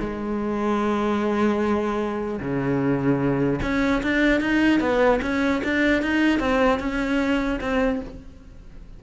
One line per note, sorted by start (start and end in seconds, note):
0.00 2.40 G#3
2.40 3.60 C#3
3.63 4.03 C#4
4.03 4.41 D4
4.41 4.80 D#4
4.80 5.20 B3
5.22 5.62 C#4
5.64 6.02 D4
6.02 6.39 D#4
6.39 6.79 C4
6.79 7.59 C#4
7.61 8.01 C4